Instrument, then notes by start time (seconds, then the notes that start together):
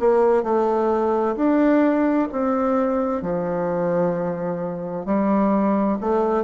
bassoon
0.00 A#3
0.44 A3
1.36 D4
2.32 C4
3.23 F3
5.06 G3
6.01 A3